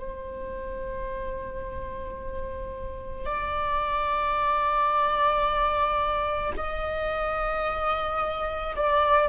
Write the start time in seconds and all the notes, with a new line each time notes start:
0.00 C5
3.25 D5
6.57 D#5
8.76 D5